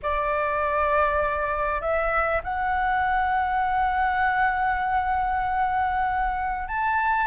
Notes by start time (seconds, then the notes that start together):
0.02 D5
1.81 E5
2.43 F#5
6.67 A5